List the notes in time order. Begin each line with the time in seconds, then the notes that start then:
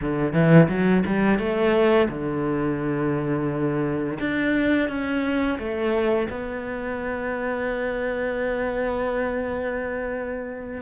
0.01 D3
0.33 E3
0.68 F#3
1.06 G3
1.38 A3
2.09 D3
4.20 D4
4.88 C#4
5.58 A3
6.29 B3